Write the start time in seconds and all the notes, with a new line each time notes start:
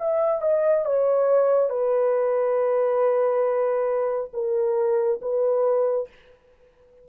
0.00 E5
0.42 D#5
0.86 C#5
1.70 B4
4.34 A#4
5.22 B4